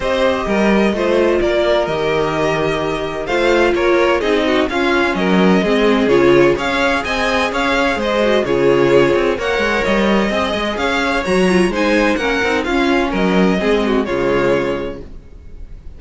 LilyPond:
<<
  \new Staff \with { instrumentName = "violin" } { \time 4/4 \tempo 4 = 128 dis''2. d''4 | dis''2. f''4 | cis''4 dis''4 f''4 dis''4~ | dis''4 cis''4 f''4 gis''4 |
f''4 dis''4 cis''2 | fis''4 dis''2 f''4 | ais''4 gis''4 fis''4 f''4 | dis''2 cis''2 | }
  \new Staff \with { instrumentName = "violin" } { \time 4/4 c''4 ais'4 c''4 ais'4~ | ais'2. c''4 | ais'4 gis'8 fis'8 f'4 ais'4 | gis'2 cis''4 dis''4 |
cis''4 c''4 gis'2 | cis''2 dis''4 cis''4~ | cis''4 c''4 ais'4 f'4 | ais'4 gis'8 fis'8 f'2 | }
  \new Staff \with { instrumentName = "viola" } { \time 4/4 g'2 f'2 | g'2. f'4~ | f'4 dis'4 cis'2 | c'4 f'4 gis'2~ |
gis'4. fis'8 f'2 | ais'2 gis'2 | fis'8 f'8 dis'4 cis'8 dis'8 cis'4~ | cis'4 c'4 gis2 | }
  \new Staff \with { instrumentName = "cello" } { \time 4/4 c'4 g4 a4 ais4 | dis2. a4 | ais4 c'4 cis'4 fis4 | gis4 cis4 cis'4 c'4 |
cis'4 gis4 cis4. c'8 | ais8 gis8 g4 c'8 gis8 cis'4 | fis4 gis4 ais8 c'8 cis'4 | fis4 gis4 cis2 | }
>>